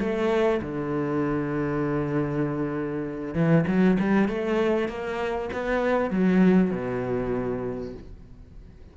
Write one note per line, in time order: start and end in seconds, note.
0.00 0.61 A3
0.62 3.35 D3
3.35 3.65 E3
3.67 3.98 F#3
4.00 4.29 G3
4.29 4.89 A3
4.89 5.50 A#3
5.53 6.11 B3
6.11 6.71 F#3
6.71 7.94 B2